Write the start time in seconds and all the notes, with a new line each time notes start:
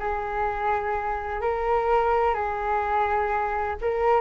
0.00 G#4
1.41 A#4
2.35 G#4
3.82 A#4